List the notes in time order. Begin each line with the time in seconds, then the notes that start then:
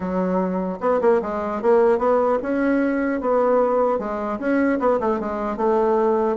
0.00 F#3
0.80 B3
1.01 A#3
1.21 G#3
1.61 A#3
1.98 B3
2.42 C#4
3.20 B3
3.99 G#3
4.39 C#4
4.79 B3
4.99 A3
5.20 G#3
5.56 A3